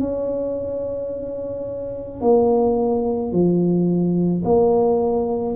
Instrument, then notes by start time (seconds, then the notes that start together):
tuba
0.00 C#4
2.21 A#3
3.32 F3
4.44 A#3